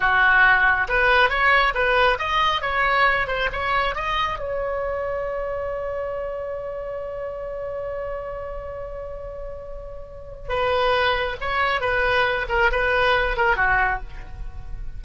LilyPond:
\new Staff \with { instrumentName = "oboe" } { \time 4/4 \tempo 4 = 137 fis'2 b'4 cis''4 | b'4 dis''4 cis''4. c''8 | cis''4 dis''4 cis''2~ | cis''1~ |
cis''1~ | cis''1 | b'2 cis''4 b'4~ | b'8 ais'8 b'4. ais'8 fis'4 | }